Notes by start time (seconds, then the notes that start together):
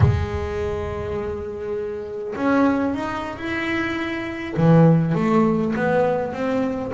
0.00 G#3
2.35 C#4
2.94 D#4
3.37 E4
4.56 E3
5.15 A3
5.76 B3
6.32 C4